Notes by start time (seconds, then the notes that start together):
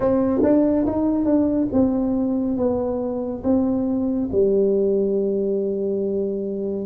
0.00 C4
0.43 D4
0.86 D#4
1.25 D4
1.72 C4
2.57 B3
3.43 C4
4.31 G3